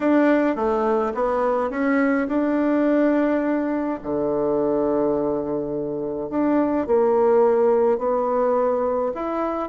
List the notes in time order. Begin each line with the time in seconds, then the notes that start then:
0.00 D4
0.55 A3
1.14 B3
1.70 C#4
2.28 D4
4.03 D3
6.29 D4
6.86 A#3
7.97 B3
9.14 E4